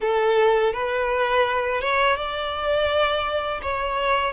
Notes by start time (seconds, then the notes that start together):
0.00 A4
0.73 B4
1.81 C#5
2.16 D5
3.61 C#5